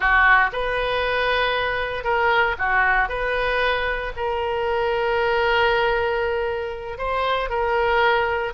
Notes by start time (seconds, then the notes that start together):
0.00 F#4
0.52 B4
2.04 A#4
2.58 F#4
3.08 B4
4.16 A#4
6.98 C5
7.49 A#4